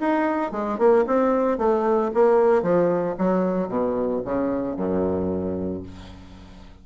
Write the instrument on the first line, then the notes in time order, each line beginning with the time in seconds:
bassoon
0.00 D#4
0.52 G#3
0.78 A#3
1.07 C4
1.58 A3
2.14 A#3
2.62 F3
3.18 F#3
3.69 B2
4.25 C#3
4.77 F#2